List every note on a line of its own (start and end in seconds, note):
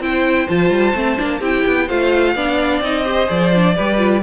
0.00 0.47 C4
0.00 0.48 E4
0.00 1.39 C5
0.00 0.47 G5
0.47 0.70 F3
0.47 0.94 F4
0.47 1.41 A5
0.70 0.94 G3
0.94 1.18 A3
0.94 1.16 C4
1.16 1.41 A#3
1.16 1.40 D4
1.39 1.64 C4
1.39 1.88 E4
1.39 1.86 G4
1.39 1.88 G5
1.66 1.89 B3
1.86 2.35 A3
1.86 2.36 F4
1.86 2.33 C5
1.86 2.82 F5
2.35 2.81 B3
2.35 2.83 D4
2.35 3.04 D5
2.81 3.28 C4
2.81 3.05 D#4
2.81 3.29 D#5
3.04 3.27 G4
3.04 3.75 C5
3.27 3.77 F3
3.27 3.50 G#4
3.27 4.23 D5
3.55 3.76 D4
3.75 4.23 G3
3.75 3.98 G4
3.75 4.22 B4
3.98 4.21 F4